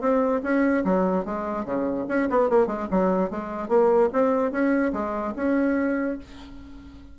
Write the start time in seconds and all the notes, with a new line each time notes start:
0.00 C4
0.43 C#4
0.84 F#3
1.25 G#3
1.65 C#3
2.08 C#4
2.30 B3
2.49 A#3
2.67 G#3
2.90 F#3
3.30 G#3
3.68 A#3
4.12 C4
4.51 C#4
4.92 G#3
5.36 C#4